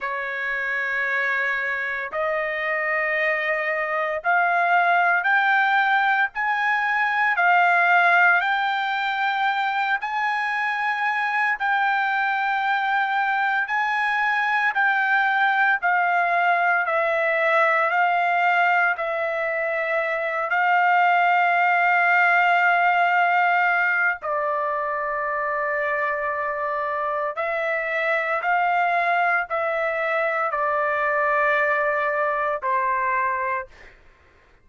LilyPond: \new Staff \with { instrumentName = "trumpet" } { \time 4/4 \tempo 4 = 57 cis''2 dis''2 | f''4 g''4 gis''4 f''4 | g''4. gis''4. g''4~ | g''4 gis''4 g''4 f''4 |
e''4 f''4 e''4. f''8~ | f''2. d''4~ | d''2 e''4 f''4 | e''4 d''2 c''4 | }